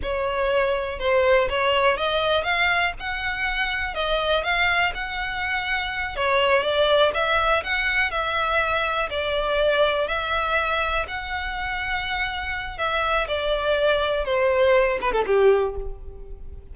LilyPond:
\new Staff \with { instrumentName = "violin" } { \time 4/4 \tempo 4 = 122 cis''2 c''4 cis''4 | dis''4 f''4 fis''2 | dis''4 f''4 fis''2~ | fis''8 cis''4 d''4 e''4 fis''8~ |
fis''8 e''2 d''4.~ | d''8 e''2 fis''4.~ | fis''2 e''4 d''4~ | d''4 c''4. b'16 a'16 g'4 | }